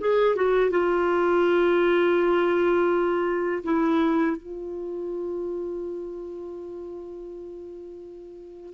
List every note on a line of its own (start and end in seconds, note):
0.00 0.36 G#4
0.36 0.71 F#4
0.71 3.64 F4
3.64 4.37 E4
4.37 8.74 F4